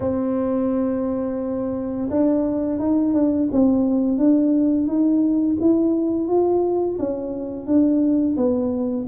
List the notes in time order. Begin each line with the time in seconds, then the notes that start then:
0.00 C4
2.10 D4
2.79 D#4
3.13 D4
3.51 C4
4.17 D4
4.87 D#4
5.60 E4
6.28 F4
6.98 C#4
7.66 D4
8.36 B3